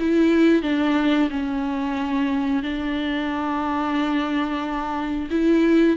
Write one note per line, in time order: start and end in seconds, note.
0.00 0.63 E4
0.63 1.30 D4
1.31 2.63 C#4
2.63 5.30 D4
5.31 5.97 E4